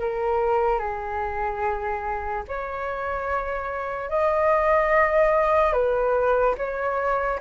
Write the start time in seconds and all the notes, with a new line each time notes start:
0.00 A#4
0.79 G#4
2.48 C#5
4.09 D#5
5.73 B4
6.57 C#5